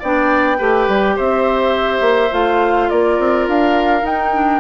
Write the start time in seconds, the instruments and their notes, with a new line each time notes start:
0.00 bassoon B3, clarinet D4, oboe D5, flute G5
0.58 bassoon A3, clarinet G4, oboe B4
0.88 bassoon G3
1.16 bassoon C4, oboe C5, flute E5
2.01 bassoon A#3
2.32 bassoon A3, clarinet F4, flute F5
2.90 bassoon A#3, oboe A#4, flute D5
3.19 bassoon C4
3.48 bassoon D4, flute F5
4.03 clarinet D#4, bassoon D#4, flute G5
4.33 clarinet D4